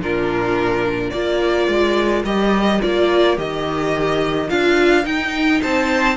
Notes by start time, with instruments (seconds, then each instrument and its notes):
0.00 cello A#2, viola D4, violin F4 A#4
1.11 cello A#3, viola F4, violin A#4 D5
1.68 cello G#3
2.24 cello G3, viola G4, violin D#5
2.81 cello A#3, viola F4, violin D5
3.37 cello D#3, viola G4, violin D#5
4.49 cello D4, viola F4, violin F5
5.03 viola D#4, cello D#4, violin G5
5.61 cello C4, violin C5 A5